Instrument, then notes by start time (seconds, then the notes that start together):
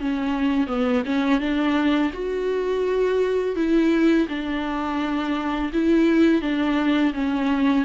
viola
0.00 C#4
0.67 B3
1.06 C#4
1.40 D4
2.13 F#4
3.56 E4
4.29 D4
5.73 E4
6.42 D4
7.14 C#4